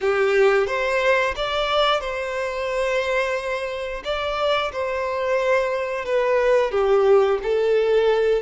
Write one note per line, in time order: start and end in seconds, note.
0.01 0.66 G4
0.66 1.34 C5
1.36 2.00 D5
2.00 4.02 C5
4.04 4.71 D5
4.72 6.05 C5
6.05 6.71 B4
6.71 7.38 G4
7.42 8.42 A4